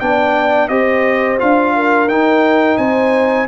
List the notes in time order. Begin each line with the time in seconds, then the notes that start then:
0.00 B3 D4 D5 G5
0.69 C4 G4 C5 D#5
1.39 D4 F4 F5
1.76 A#4
2.08 D#4 G5
2.78 C4 C5 G#5